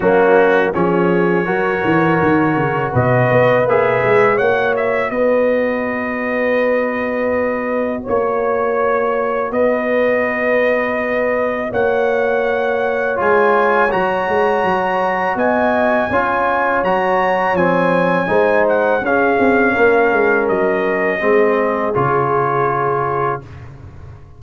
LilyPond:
<<
  \new Staff \with { instrumentName = "trumpet" } { \time 4/4 \tempo 4 = 82 fis'4 cis''2. | dis''4 e''4 fis''8 e''8 dis''4~ | dis''2. cis''4~ | cis''4 dis''2. |
fis''2 gis''4 ais''4~ | ais''4 gis''2 ais''4 | gis''4. fis''8 f''2 | dis''2 cis''2 | }
  \new Staff \with { instrumentName = "horn" } { \time 4/4 cis'4 gis'4 ais'2 | b'2 cis''4 b'4~ | b'2. cis''4~ | cis''4 b'2. |
cis''1~ | cis''4 dis''4 cis''2~ | cis''4 c''4 gis'4 ais'4~ | ais'4 gis'2. | }
  \new Staff \with { instrumentName = "trombone" } { \time 4/4 ais4 cis'4 fis'2~ | fis'4 gis'4 fis'2~ | fis'1~ | fis'1~ |
fis'2 f'4 fis'4~ | fis'2 f'4 fis'4 | c'4 dis'4 cis'2~ | cis'4 c'4 f'2 | }
  \new Staff \with { instrumentName = "tuba" } { \time 4/4 fis4 f4 fis8 e8 dis8 cis8 | b,8 b8 ais8 gis8 ais4 b4~ | b2. ais4~ | ais4 b2. |
ais2 gis4 fis8 gis8 | fis4 b4 cis'4 fis4 | f4 gis4 cis'8 c'8 ais8 gis8 | fis4 gis4 cis2 | }
>>